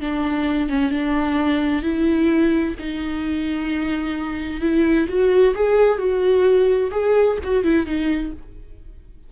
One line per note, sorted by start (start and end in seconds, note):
0.00 0.69 D4
0.69 0.91 C#4
0.91 1.82 D4
1.82 2.74 E4
2.79 4.60 D#4
4.60 5.07 E4
5.08 5.54 F#4
5.55 5.98 G#4
5.98 6.90 F#4
6.91 7.37 G#4
7.43 7.63 F#4
7.63 7.86 E4
7.86 8.32 D#4